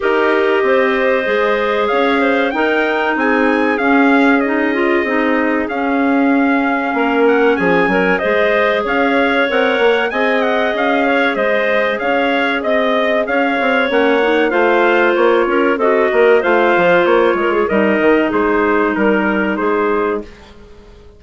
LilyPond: <<
  \new Staff \with { instrumentName = "trumpet" } { \time 4/4 \tempo 4 = 95 dis''2. f''4 | g''4 gis''4 f''4 dis''4~ | dis''4 f''2~ f''8 fis''8 | gis''4 dis''4 f''4 fis''4 |
gis''8 fis''8 f''4 dis''4 f''4 | dis''4 f''4 fis''4 f''4 | cis''4 dis''4 f''4 cis''4 | dis''4 c''4 ais'4 c''4 | }
  \new Staff \with { instrumentName = "clarinet" } { \time 4/4 ais'4 c''2 cis''8 c''8 | ais'4 gis'2.~ | gis'2. ais'4 | gis'8 ais'8 c''4 cis''2 |
dis''4. cis''8 c''4 cis''4 | dis''4 cis''2 c''4~ | c''8 ais'8 a'8 ais'8 c''4. ais'16 gis'16 | ais'4 gis'4 ais'4 gis'4 | }
  \new Staff \with { instrumentName = "clarinet" } { \time 4/4 g'2 gis'2 | dis'2 cis'4 dis'8 f'8 | dis'4 cis'2.~ | cis'4 gis'2 ais'4 |
gis'1~ | gis'2 cis'8 dis'8 f'4~ | f'4 fis'4 f'2 | dis'1 | }
  \new Staff \with { instrumentName = "bassoon" } { \time 4/4 dis'4 c'4 gis4 cis'4 | dis'4 c'4 cis'2 | c'4 cis'2 ais4 | f8 fis8 gis4 cis'4 c'8 ais8 |
c'4 cis'4 gis4 cis'4 | c'4 cis'8 c'8 ais4 a4 | ais8 cis'8 c'8 ais8 a8 f8 ais8 gis8 | g8 dis8 gis4 g4 gis4 | }
>>